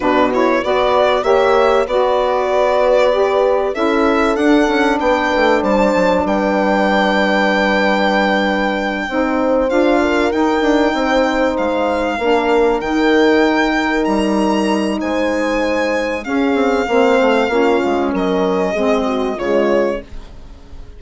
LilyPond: <<
  \new Staff \with { instrumentName = "violin" } { \time 4/4 \tempo 4 = 96 b'8 cis''8 d''4 e''4 d''4~ | d''2 e''4 fis''4 | g''4 a''4 g''2~ | g''2.~ g''8 f''8~ |
f''8 g''2 f''4.~ | f''8 g''2 ais''4. | gis''2 f''2~ | f''4 dis''2 cis''4 | }
  \new Staff \with { instrumentName = "horn" } { \time 4/4 fis'4 b'4 cis''4 b'4~ | b'2 a'2 | b'4 c''4 b'2~ | b'2~ b'8 c''4. |
ais'4. c''2 ais'8~ | ais'1 | c''2 gis'4 c''4 | f'4 ais'4 gis'8 fis'8 f'4 | }
  \new Staff \with { instrumentName = "saxophone" } { \time 4/4 d'8 e'8 fis'4 g'4 fis'4~ | fis'4 g'4 e'4 d'4~ | d'1~ | d'2~ d'8 dis'4 f'8~ |
f'8 dis'2. d'8~ | d'8 dis'2.~ dis'8~ | dis'2 cis'4 c'4 | cis'2 c'4 gis4 | }
  \new Staff \with { instrumentName = "bassoon" } { \time 4/4 b,4 b4 ais4 b4~ | b2 cis'4 d'8 cis'8 | b8 a8 g8 fis8 g2~ | g2~ g8 c'4 d'8~ |
d'8 dis'8 d'8 c'4 gis4 ais8~ | ais8 dis2 g4. | gis2 cis'8 c'8 ais8 a8 | ais8 gis8 fis4 gis4 cis4 | }
>>